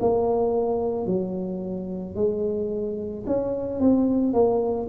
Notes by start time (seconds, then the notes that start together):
0.00 A#3
1.06 F#3
2.15 G#3
3.26 C#4
3.80 C4
4.33 A#3